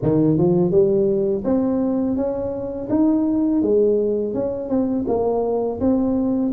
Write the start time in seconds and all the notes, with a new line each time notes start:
0.02 D#3
0.37 F3
0.71 G3
1.44 C4
2.16 C#4
2.89 D#4
3.62 G#3
4.34 C#4
4.69 C4
5.07 A#3
5.80 C4